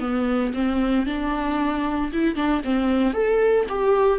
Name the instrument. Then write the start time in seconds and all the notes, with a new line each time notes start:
viola
0.00 B3
0.53 C4
1.06 D4
2.12 E4
2.35 D4
2.64 C4
3.13 A4
3.69 G4